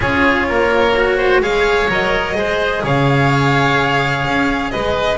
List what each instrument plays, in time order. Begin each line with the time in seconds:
0.00 double bass C#4, cello F4, oboe G#4, violin C#5
0.48 double bass A#3, oboe A#4
0.96 cello F#4
1.17 oboe C5
1.40 double bass G#3, cello G#4, oboe C#5, violin F5
1.88 double bass F#3, cello A#4, violin D#5
2.34 double bass G#3, cello G#4, oboe C5
2.83 double bass C#3, oboe C#5, violin F5
4.25 double bass C#4
4.70 double bass G#3, oboe B4, violin D#5